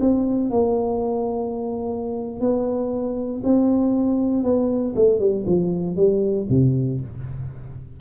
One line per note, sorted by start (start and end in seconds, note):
0.00 0.50 C4
0.50 2.40 A#3
2.40 3.41 B3
3.43 4.43 C4
4.43 4.94 B3
4.95 5.19 A3
5.19 5.44 G3
5.46 5.96 F3
5.96 6.47 G3
6.49 7.00 C3